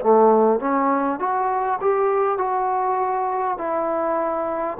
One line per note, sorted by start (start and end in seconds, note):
0.00 0.59 A3
0.59 1.19 C#4
1.19 1.79 F#4
1.81 2.38 G4
2.38 3.58 F#4
3.58 4.78 E4